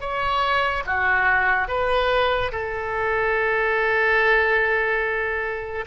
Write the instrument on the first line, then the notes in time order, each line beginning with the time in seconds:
oboe
0.00 C#5
0.86 F#4
1.68 B4
2.52 A4